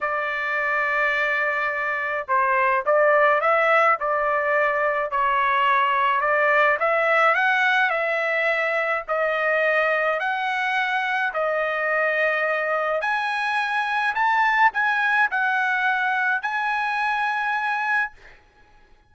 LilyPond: \new Staff \with { instrumentName = "trumpet" } { \time 4/4 \tempo 4 = 106 d''1 | c''4 d''4 e''4 d''4~ | d''4 cis''2 d''4 | e''4 fis''4 e''2 |
dis''2 fis''2 | dis''2. gis''4~ | gis''4 a''4 gis''4 fis''4~ | fis''4 gis''2. | }